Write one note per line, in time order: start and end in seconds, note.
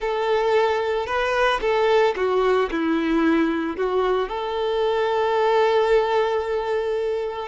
0.00 1.06 A4
1.06 1.60 B4
1.61 2.14 A4
2.16 2.69 F#4
2.71 3.76 E4
3.76 4.29 F#4
4.29 7.48 A4